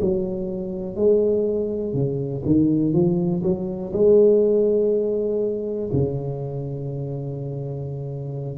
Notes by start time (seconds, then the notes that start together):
0.00 F#3
0.96 G#3
1.93 C#3
2.45 D#3
2.92 F3
3.42 F#3
3.93 G#3
5.92 C#3